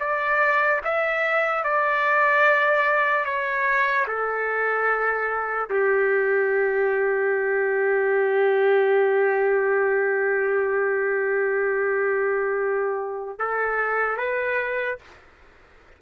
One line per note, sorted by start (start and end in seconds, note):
0.00 0.81 D5
0.85 1.64 E5
1.64 3.25 D5
3.25 4.06 C#5
4.07 5.69 A4
5.70 13.39 G4
13.39 14.17 A4
14.17 14.99 B4